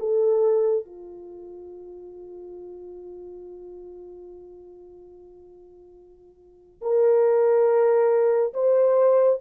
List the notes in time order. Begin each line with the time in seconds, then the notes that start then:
0.00 A4
0.85 F4
6.82 A#4
8.54 C5